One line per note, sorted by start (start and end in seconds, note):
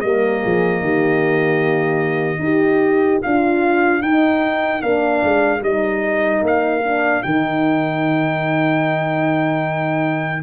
0.00 0.43 G3
0.00 2.42 A#3
0.00 0.41 A#4
0.00 3.20 D#5
0.41 0.81 F3
0.41 0.81 G#4
0.81 2.39 D#3
0.81 2.41 G4
2.39 3.19 D#4
2.39 3.23 G4
2.39 10.41 A#4
3.22 4.01 D4
3.22 4.02 F4
3.22 4.02 F5
4.01 4.81 D#4
4.01 4.82 G5
4.81 5.23 A#3
4.81 5.61 D4
4.81 5.62 F5
5.23 5.61 G#3
5.61 6.41 G3
5.61 6.83 D#4
5.61 6.43 D#5
6.41 7.21 A#3
6.41 7.22 F5
6.84 7.23 D4
7.22 10.43 D#3
7.22 10.43 D#4
7.22 10.42 G5